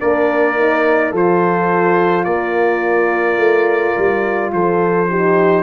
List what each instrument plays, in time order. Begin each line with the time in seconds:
0.00 tuba A#3, horn D4 A#4, trumpet D5
0.56 horn D#4
1.12 tuba F3, horn F4 A4, trumpet C5
2.25 tuba A#3, horn A#4, trumpet D5
3.37 tuba A3
3.97 tuba G3
4.53 tuba F3, horn A4, trumpet C5
5.10 horn D#4 G4